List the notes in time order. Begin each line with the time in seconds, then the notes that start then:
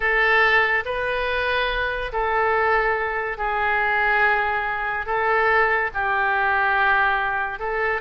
0.00 A4
0.85 B4
2.12 A4
3.37 G#4
5.06 A4
5.93 G4
7.59 A4